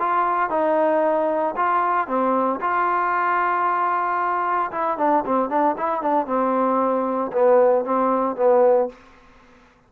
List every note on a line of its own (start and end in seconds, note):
0.00 0.50 F4
0.50 1.56 D#4
1.57 2.08 F4
2.08 2.61 C4
2.61 4.72 F4
4.72 4.98 E4
4.99 5.25 D4
5.26 5.50 C4
5.50 5.76 D4
5.78 6.02 E4
6.02 6.27 D4
6.27 7.32 C4
7.33 7.85 B3
7.85 8.37 C4
8.37 8.89 B3